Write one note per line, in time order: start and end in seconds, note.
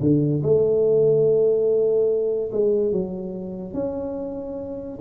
0.00 0.42 D3
0.42 2.50 A3
2.52 2.92 G#3
2.92 3.73 F#3
3.73 4.98 C#4